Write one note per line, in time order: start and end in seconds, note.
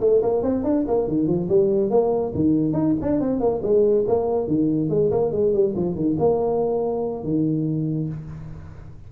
0.00 0.21 A3
0.22 0.43 A#3
0.43 0.64 C4
0.64 0.85 D4
0.87 1.08 A#3
1.08 1.27 D#3
1.27 1.48 F3
1.49 1.90 G3
1.90 2.33 A#3
2.35 2.73 D#3
2.73 2.94 D#4
3.02 3.20 D4
3.20 3.40 C4
3.40 3.62 A#3
3.63 4.05 G#3
4.07 4.47 A#3
4.47 4.89 D#3
4.89 5.10 G#3
5.11 5.32 A#3
5.32 5.53 G#3
5.53 5.75 G3
5.76 5.95 F3
5.95 6.17 D#3
6.19 7.24 A#3
7.24 8.09 D#3